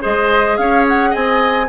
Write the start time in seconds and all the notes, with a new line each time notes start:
0.00 G#3 G#4 C5 D#5
0.57 C#4 C#5 F5
0.88 F#5
1.10 C4 D#5 G#5